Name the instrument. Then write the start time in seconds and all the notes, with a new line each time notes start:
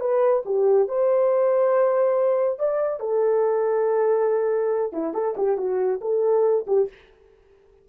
horn
0.00 B4
0.45 G4
0.88 C5
2.59 D5
2.99 A4
4.92 E4
5.13 A4
5.37 G4
5.57 F#4
6.01 A4
6.67 G4